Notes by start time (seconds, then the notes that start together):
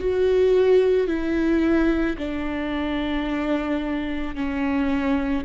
0.00 F#4
1.08 E4
2.18 D4
4.35 C#4